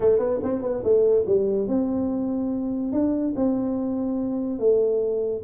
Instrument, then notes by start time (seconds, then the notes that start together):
tuba
0.00 A3
0.18 B3
0.43 C4
0.62 B3
0.83 A3
1.26 G3
1.67 C4
2.92 D4
3.35 C4
4.59 A3